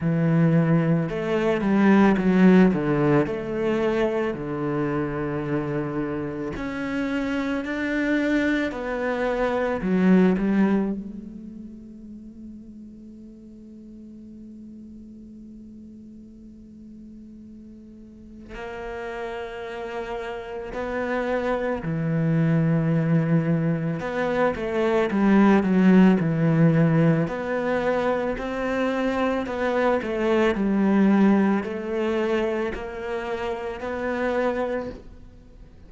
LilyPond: \new Staff \with { instrumentName = "cello" } { \time 4/4 \tempo 4 = 55 e4 a8 g8 fis8 d8 a4 | d2 cis'4 d'4 | b4 fis8 g8 a2~ | a1~ |
a4 ais2 b4 | e2 b8 a8 g8 fis8 | e4 b4 c'4 b8 a8 | g4 a4 ais4 b4 | }